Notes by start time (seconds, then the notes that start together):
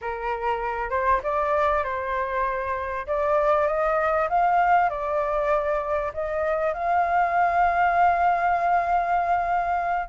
0.01 A#4
0.90 C5
1.23 D5
1.83 C5
3.06 D5
3.67 D#5
4.29 F5
4.89 D5
6.13 D#5
6.73 F5